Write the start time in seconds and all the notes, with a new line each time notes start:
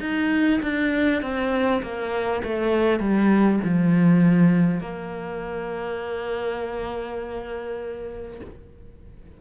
0.00 D#4
0.62 D4
1.22 C4
1.82 A#3
2.43 A3
2.99 G3
3.64 F3
4.80 A#3